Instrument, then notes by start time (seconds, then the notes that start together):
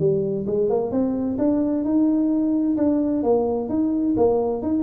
tuba
0.00 G3
0.47 G#3
0.70 A#3
0.92 C4
1.38 D4
1.85 D#4
2.77 D4
3.24 A#3
3.69 D#4
4.17 A#3
4.63 D#4